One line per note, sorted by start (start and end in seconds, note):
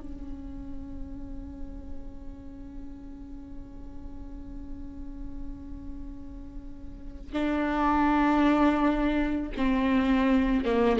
0.00 7.32 C#4
7.32 9.52 D4
9.57 10.65 C4
10.65 11.00 A#3